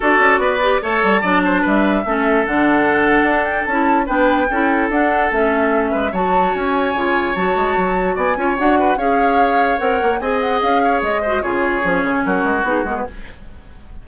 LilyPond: <<
  \new Staff \with { instrumentName = "flute" } { \time 4/4 \tempo 4 = 147 d''2 a''2 | e''2 fis''2~ | fis''8 g''8 a''4 g''2 | fis''4 e''2 a''4 |
gis''2 a''2 | gis''4 fis''4 f''2 | fis''4 gis''8 fis''8 f''4 dis''4 | cis''2 ais'4 gis'8 ais'16 b'16 | }
  \new Staff \with { instrumentName = "oboe" } { \time 4/4 a'4 b'4 cis''4 d''8 c''8 | b'4 a'2.~ | a'2 b'4 a'4~ | a'2~ a'8 b'8 cis''4~ |
cis''1 | d''8 cis''4 b'8 cis''2~ | cis''4 dis''4. cis''4 c''8 | gis'2 fis'2 | }
  \new Staff \with { instrumentName = "clarinet" } { \time 4/4 fis'4. g'8 a'4 d'4~ | d'4 cis'4 d'2~ | d'4 e'4 d'4 e'4 | d'4 cis'2 fis'4~ |
fis'4 f'4 fis'2~ | fis'8 f'8 fis'4 gis'2 | ais'4 gis'2~ gis'8 fis'8 | f'4 cis'2 dis'8 b8 | }
  \new Staff \with { instrumentName = "bassoon" } { \time 4/4 d'8 cis'8 b4 a8 g8 fis4 | g4 a4 d2 | d'4 cis'4 b4 cis'4 | d'4 a4. gis8 fis4 |
cis'4 cis4 fis8 gis8 fis4 | b8 cis'8 d'4 cis'2 | c'8 ais8 c'4 cis'4 gis4 | cis4 f8 cis8 fis8 gis8 b8 gis8 | }
>>